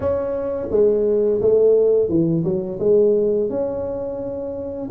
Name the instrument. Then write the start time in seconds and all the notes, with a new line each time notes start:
tuba
0.00 C#4
0.70 G#3
1.41 A3
2.08 E3
2.44 F#3
2.79 G#3
3.49 C#4